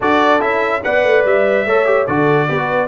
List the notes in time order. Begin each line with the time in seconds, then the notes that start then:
0.00 D4 F#4 A4 D5
0.40 C#4 E4 E5
0.83 B3 B4 D5 F#5
1.04 A3
1.24 G3 E5
1.65 A3 A4 C#5
1.85 G4
2.06 D3 F#4 A4 D5
2.48 B3 G4 B4
2.58 F#4